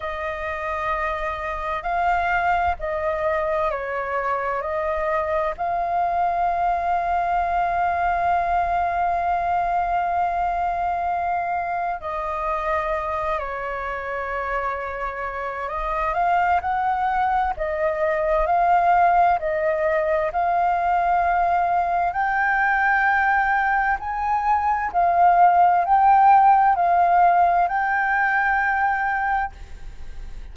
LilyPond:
\new Staff \with { instrumentName = "flute" } { \time 4/4 \tempo 4 = 65 dis''2 f''4 dis''4 | cis''4 dis''4 f''2~ | f''1~ | f''4 dis''4. cis''4.~ |
cis''4 dis''8 f''8 fis''4 dis''4 | f''4 dis''4 f''2 | g''2 gis''4 f''4 | g''4 f''4 g''2 | }